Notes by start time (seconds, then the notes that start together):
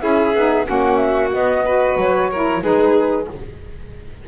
0.00 C#4 E4 G#4 E5
0.34 B3 D#4
0.64 A#3 C#4 F#4 F#5
0.96 E5
1.32 B3 D#5
1.65 F#4 B4
1.96 F#3 C#5
2.31 E4 A#4
2.62 G#3 D#4 G#4 B4